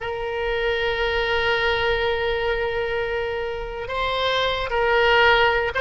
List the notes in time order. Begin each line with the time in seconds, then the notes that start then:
0.00 A#4
3.88 C5
4.70 A#4
5.74 C5